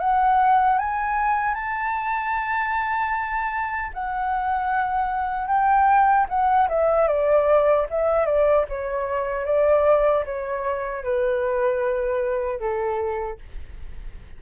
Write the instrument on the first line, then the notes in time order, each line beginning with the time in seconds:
flute
0.00 F#5
0.79 G#5
1.55 A5
3.94 F#5
5.48 G5
6.29 F#5
6.69 E5
7.08 D5
7.90 E5
8.26 D5
8.69 C#5
9.46 D5
10.26 C#5
11.04 B4
12.60 A4